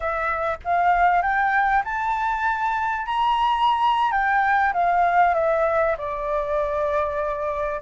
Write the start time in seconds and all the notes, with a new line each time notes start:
0.00 E5
0.64 F5
1.22 G5
1.84 A5
3.06 A#5
4.11 G5
4.73 F5
5.34 E5
5.97 D5